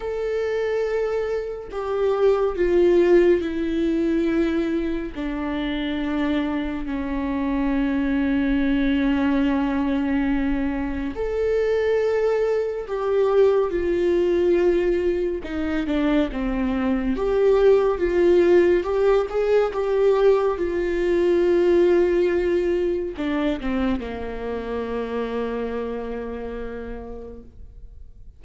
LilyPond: \new Staff \with { instrumentName = "viola" } { \time 4/4 \tempo 4 = 70 a'2 g'4 f'4 | e'2 d'2 | cis'1~ | cis'4 a'2 g'4 |
f'2 dis'8 d'8 c'4 | g'4 f'4 g'8 gis'8 g'4 | f'2. d'8 c'8 | ais1 | }